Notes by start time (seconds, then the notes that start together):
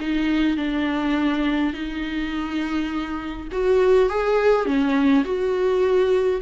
0.00 D#4
0.57 D4
1.73 D#4
3.52 F#4
4.09 G#4
4.66 C#4
5.25 F#4